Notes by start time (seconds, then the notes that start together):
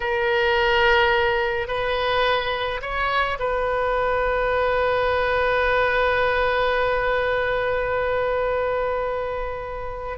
0.00 A#4
1.67 B4
2.81 C#5
3.39 B4